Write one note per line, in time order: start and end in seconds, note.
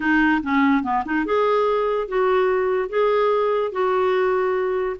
0.00 0.41 D#4
0.42 0.83 C#4
0.83 1.03 B3
1.05 1.25 D#4
1.25 2.07 G#4
2.07 2.89 F#4
2.89 3.72 G#4
3.72 4.96 F#4